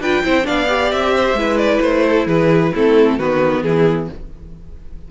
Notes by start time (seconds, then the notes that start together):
0.00 D4 F4 B4 G5
0.23 C4 E4 C5
0.43 B3 D4 D5 F5
0.68 G4
0.91 C4 E5
1.16 C5
1.33 G#3 E4 B4
1.57 D5
1.81 A3 C5
2.06 A4
2.26 E3 G#4 B4
2.72 A3 C4 E4 A4
3.18 D#3 B3 F#4 B4
3.62 E3 E4 G#4